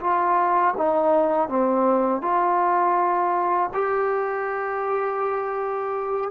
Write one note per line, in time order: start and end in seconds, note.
0.00 0.74 F4
0.77 1.48 D#4
1.48 2.22 C4
2.22 3.70 F4
3.73 6.30 G4